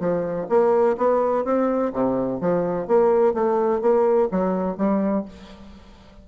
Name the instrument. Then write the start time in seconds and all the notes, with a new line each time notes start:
bassoon
0.00 F3
0.49 A#3
0.98 B3
1.45 C4
1.93 C3
2.41 F3
2.88 A#3
3.34 A3
3.82 A#3
4.32 F#3
4.78 G3